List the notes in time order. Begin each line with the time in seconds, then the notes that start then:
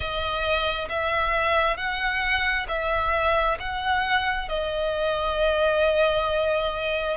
0.00 D#5
0.89 E5
1.77 F#5
2.68 E5
3.59 F#5
4.49 D#5